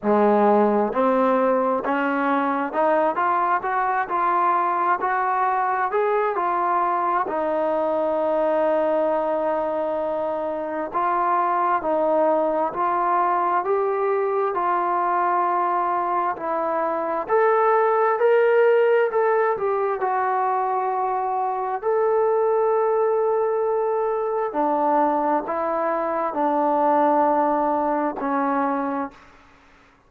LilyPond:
\new Staff \with { instrumentName = "trombone" } { \time 4/4 \tempo 4 = 66 gis4 c'4 cis'4 dis'8 f'8 | fis'8 f'4 fis'4 gis'8 f'4 | dis'1 | f'4 dis'4 f'4 g'4 |
f'2 e'4 a'4 | ais'4 a'8 g'8 fis'2 | a'2. d'4 | e'4 d'2 cis'4 | }